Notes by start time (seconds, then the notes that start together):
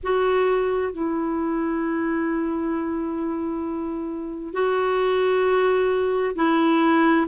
0.02 F#4
0.93 E4
4.53 F#4
6.35 E4